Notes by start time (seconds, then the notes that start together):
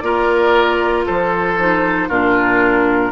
0.00 A#3 F4 A#4 D5
1.06 F3 A4 C5
1.58 D#4
2.08 A#2 D4 F4 A#4